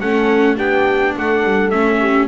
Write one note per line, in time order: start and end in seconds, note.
0.00 0.57 A3
0.00 0.56 C#4
0.00 0.55 A4
0.00 0.57 F#5
0.55 1.15 B3
0.55 1.70 D4
0.55 1.13 G4
0.55 1.15 G5
1.16 1.44 A3
1.16 2.00 A4
1.16 1.70 F#5
1.44 1.72 G3
1.70 2.27 A3
1.70 2.27 C#4
1.70 2.27 E5
2.00 2.27 G4